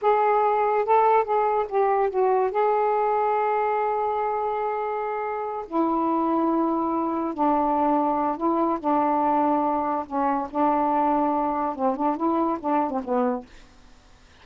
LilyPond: \new Staff \with { instrumentName = "saxophone" } { \time 4/4 \tempo 4 = 143 gis'2 a'4 gis'4 | g'4 fis'4 gis'2~ | gis'1~ | gis'4. e'2~ e'8~ |
e'4. d'2~ d'8 | e'4 d'2. | cis'4 d'2. | c'8 d'8 e'4 d'8. c'16 b4 | }